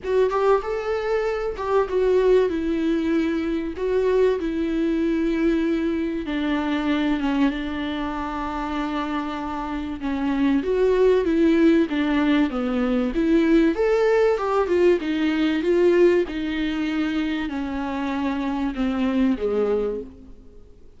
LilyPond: \new Staff \with { instrumentName = "viola" } { \time 4/4 \tempo 4 = 96 fis'8 g'8 a'4. g'8 fis'4 | e'2 fis'4 e'4~ | e'2 d'4. cis'8 | d'1 |
cis'4 fis'4 e'4 d'4 | b4 e'4 a'4 g'8 f'8 | dis'4 f'4 dis'2 | cis'2 c'4 gis4 | }